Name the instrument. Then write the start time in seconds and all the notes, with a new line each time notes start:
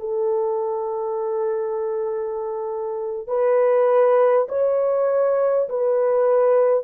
horn
0.00 A4
3.27 B4
4.48 C#5
5.69 B4